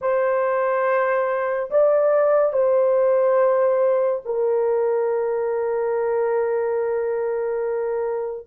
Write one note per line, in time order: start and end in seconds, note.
0.01 1.70 C5
1.70 2.52 D5
2.52 4.21 C5
4.25 8.47 A#4